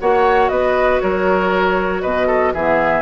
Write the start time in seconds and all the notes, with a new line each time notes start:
0.00 A#3 F#4 C#5 F#5
0.48 B3 B4 D#5
1.00 F#3 A#4 C#5
2.01 B2 B4 D#5
2.27 A4
2.53 E3 B3 G#4 E5